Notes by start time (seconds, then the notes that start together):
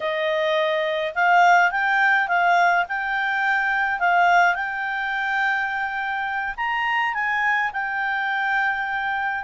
0.00 D#5
1.15 F5
1.71 G5
2.28 F5
2.88 G5
3.99 F5
4.54 G5
6.56 A#5
7.14 G#5
7.72 G5